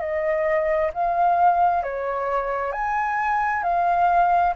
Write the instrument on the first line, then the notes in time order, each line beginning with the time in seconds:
flute
0.00 D#5
0.93 F5
1.83 C#5
2.71 G#5
3.63 F5